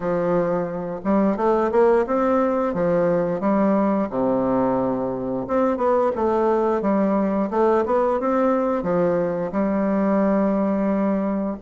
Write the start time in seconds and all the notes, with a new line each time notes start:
0.00 F3
1.04 G3
1.36 A3
1.71 A#3
2.06 C4
2.74 F3
3.40 G3
4.10 C3
5.47 C4
5.77 B3
6.15 A3
6.81 G3
7.50 A3
7.85 B3
8.20 C4
8.83 F3
9.51 G3